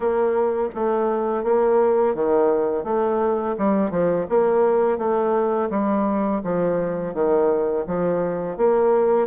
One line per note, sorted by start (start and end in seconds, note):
0.00 0.69 A#3
0.75 1.43 A3
1.43 2.14 A#3
2.14 2.84 D#3
2.84 3.55 A3
3.57 3.90 G3
3.90 4.26 F3
4.29 4.97 A#3
4.97 5.69 A3
5.69 6.41 G3
6.43 7.14 F3
7.14 7.85 D#3
7.86 8.57 F3
8.57 9.27 A#3